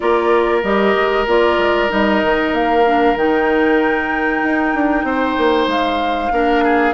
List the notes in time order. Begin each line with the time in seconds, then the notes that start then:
0.00 A#3 F4 A#4 D5
0.62 G3 G4 D#5
0.95 G#3
1.26 A#3 F4 D5
1.58 G#3
1.88 G3 D#4 D#5
2.22 D#3
2.52 A#3 F5
2.86 D4
3.15 D#3 D#4 G5
4.43 D#4
4.74 D4
5.03 C4 C5
5.37 A#3
5.67 G#3 F5
6.31 A#3 D4 A#4
6.64 G#4